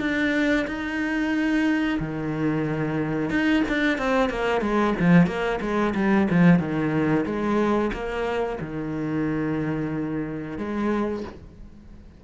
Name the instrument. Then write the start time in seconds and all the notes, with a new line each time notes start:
cello
0.00 D4
0.67 D#4
1.99 D#3
3.30 D#4
3.68 D4
3.98 C4
4.29 A#3
4.61 G#3
4.99 F3
5.27 A#3
5.61 G#3
5.95 G3
6.30 F3
6.59 D#3
7.25 G#3
7.93 A#3
8.60 D#3
10.58 G#3